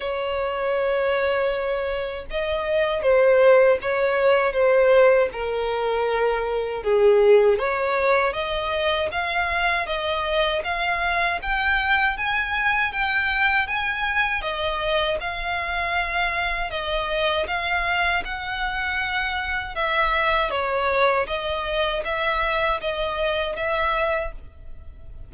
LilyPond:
\new Staff \with { instrumentName = "violin" } { \time 4/4 \tempo 4 = 79 cis''2. dis''4 | c''4 cis''4 c''4 ais'4~ | ais'4 gis'4 cis''4 dis''4 | f''4 dis''4 f''4 g''4 |
gis''4 g''4 gis''4 dis''4 | f''2 dis''4 f''4 | fis''2 e''4 cis''4 | dis''4 e''4 dis''4 e''4 | }